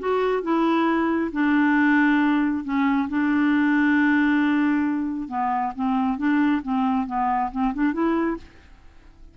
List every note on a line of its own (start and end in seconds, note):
0.00 0.43 F#4
0.43 1.32 E4
1.33 2.65 D4
2.65 3.09 C#4
3.09 5.29 D4
5.29 5.73 B3
5.76 6.18 C4
6.18 6.62 D4
6.63 7.07 C4
7.07 7.51 B3
7.52 7.74 C4
7.74 7.93 D4
7.93 8.37 E4